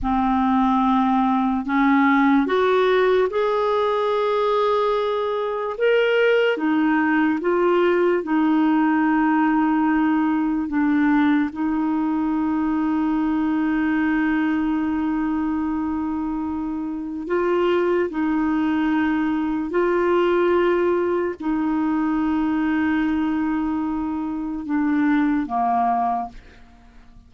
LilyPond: \new Staff \with { instrumentName = "clarinet" } { \time 4/4 \tempo 4 = 73 c'2 cis'4 fis'4 | gis'2. ais'4 | dis'4 f'4 dis'2~ | dis'4 d'4 dis'2~ |
dis'1~ | dis'4 f'4 dis'2 | f'2 dis'2~ | dis'2 d'4 ais4 | }